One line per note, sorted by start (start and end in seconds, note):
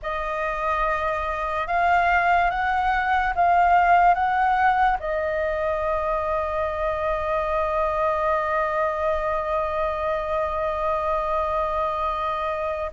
0.02 1.67 D#5
1.67 2.50 F5
2.50 3.33 F#5
3.35 4.14 F5
4.14 4.97 F#5
4.99 12.91 D#5